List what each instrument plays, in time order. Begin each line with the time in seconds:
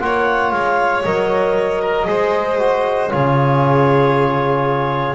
0.00 double bass A#3, trombone F4, violin C#5, clarinet F#5
0.50 double bass G#3, clarinet F5
1.03 double bass F#3, trombone A#4, clarinet D#5
1.81 violin A#4
2.05 double bass G#3, trombone G#4, violin C5
2.58 trombone F#4
3.09 double bass C#3, trombone F4, violin G#4, clarinet C#5